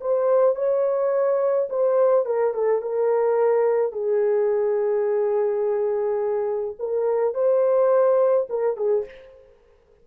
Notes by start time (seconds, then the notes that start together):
0.00 C5
0.55 C#5
1.69 C5
2.25 A#4
2.53 A4
2.81 A#4
3.92 G#4
6.79 A#4
7.34 C5
8.49 A#4
8.76 G#4